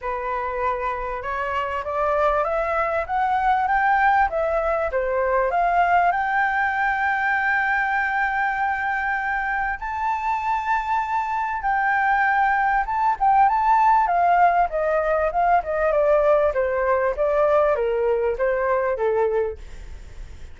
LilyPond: \new Staff \with { instrumentName = "flute" } { \time 4/4 \tempo 4 = 98 b'2 cis''4 d''4 | e''4 fis''4 g''4 e''4 | c''4 f''4 g''2~ | g''1 |
a''2. g''4~ | g''4 a''8 g''8 a''4 f''4 | dis''4 f''8 dis''8 d''4 c''4 | d''4 ais'4 c''4 a'4 | }